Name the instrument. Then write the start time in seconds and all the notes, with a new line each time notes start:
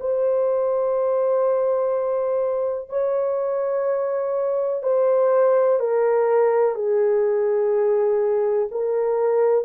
horn
0.00 C5
2.89 C#5
4.83 C5
5.80 A#4
6.75 G#4
8.71 A#4